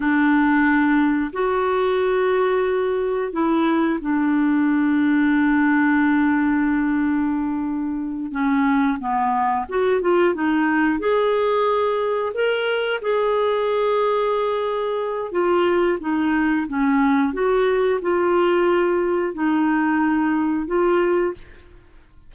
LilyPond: \new Staff \with { instrumentName = "clarinet" } { \time 4/4 \tempo 4 = 90 d'2 fis'2~ | fis'4 e'4 d'2~ | d'1~ | d'8 cis'4 b4 fis'8 f'8 dis'8~ |
dis'8 gis'2 ais'4 gis'8~ | gis'2. f'4 | dis'4 cis'4 fis'4 f'4~ | f'4 dis'2 f'4 | }